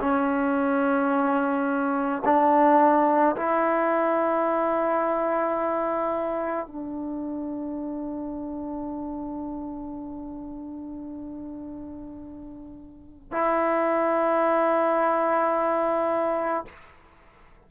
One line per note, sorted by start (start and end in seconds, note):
0.00 2.22 C#4
2.24 3.35 D4
3.36 6.67 E4
6.67 13.31 D4
13.31 16.65 E4